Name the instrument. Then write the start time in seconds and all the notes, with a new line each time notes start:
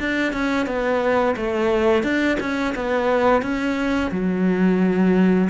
cello
0.00 D4
0.33 C#4
0.67 B3
1.37 A3
2.03 D4
2.40 C#4
2.76 B3
3.42 C#4
4.12 F#3